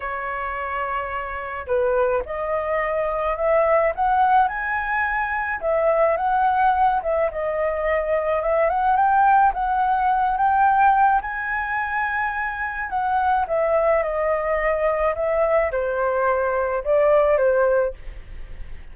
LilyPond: \new Staff \with { instrumentName = "flute" } { \time 4/4 \tempo 4 = 107 cis''2. b'4 | dis''2 e''4 fis''4 | gis''2 e''4 fis''4~ | fis''8 e''8 dis''2 e''8 fis''8 |
g''4 fis''4. g''4. | gis''2. fis''4 | e''4 dis''2 e''4 | c''2 d''4 c''4 | }